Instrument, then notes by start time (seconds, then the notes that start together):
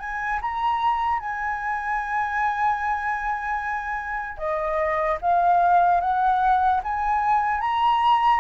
flute
0.00 G#5
0.42 A#5
1.20 G#5
4.38 D#5
5.22 F5
6.01 F#5
6.84 G#5
7.61 A#5